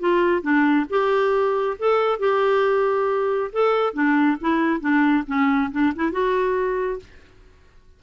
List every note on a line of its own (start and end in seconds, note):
0.00 0.42 F4
0.42 0.86 D4
0.90 1.77 G4
1.79 2.20 A4
2.20 3.51 G4
3.53 3.94 A4
3.94 4.38 D4
4.41 4.81 E4
4.81 5.24 D4
5.27 5.71 C#4
5.72 5.94 D4
5.96 6.12 E4
6.12 7.00 F#4